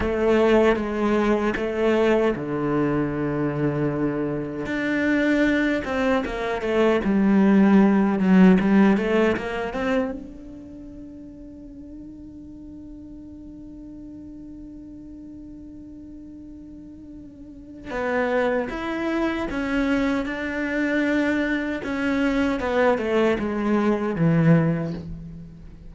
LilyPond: \new Staff \with { instrumentName = "cello" } { \time 4/4 \tempo 4 = 77 a4 gis4 a4 d4~ | d2 d'4. c'8 | ais8 a8 g4. fis8 g8 a8 | ais8 c'8 d'2.~ |
d'1~ | d'2. b4 | e'4 cis'4 d'2 | cis'4 b8 a8 gis4 e4 | }